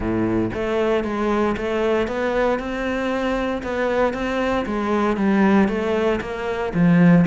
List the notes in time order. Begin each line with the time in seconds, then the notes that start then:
0.00 A2
0.54 A3
1.04 G#3
1.57 A3
2.07 B3
2.59 C4
3.62 B3
4.13 C4
4.66 G#3
5.17 G3
5.68 A3
6.21 A#3
6.74 F3